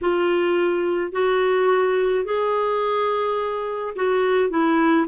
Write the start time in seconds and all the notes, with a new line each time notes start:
0.01 F4
1.12 F#4
2.24 G#4
3.95 F#4
4.50 E4